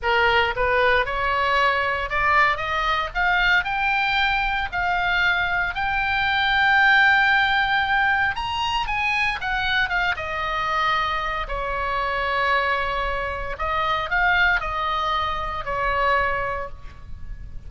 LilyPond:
\new Staff \with { instrumentName = "oboe" } { \time 4/4 \tempo 4 = 115 ais'4 b'4 cis''2 | d''4 dis''4 f''4 g''4~ | g''4 f''2 g''4~ | g''1 |
ais''4 gis''4 fis''4 f''8 dis''8~ | dis''2 cis''2~ | cis''2 dis''4 f''4 | dis''2 cis''2 | }